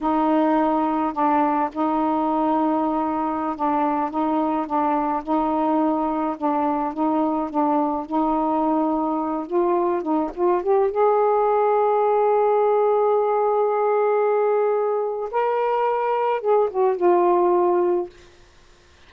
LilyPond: \new Staff \with { instrumentName = "saxophone" } { \time 4/4 \tempo 4 = 106 dis'2 d'4 dis'4~ | dis'2~ dis'16 d'4 dis'8.~ | dis'16 d'4 dis'2 d'8.~ | d'16 dis'4 d'4 dis'4.~ dis'16~ |
dis'8. f'4 dis'8 f'8 g'8 gis'8.~ | gis'1~ | gis'2. ais'4~ | ais'4 gis'8 fis'8 f'2 | }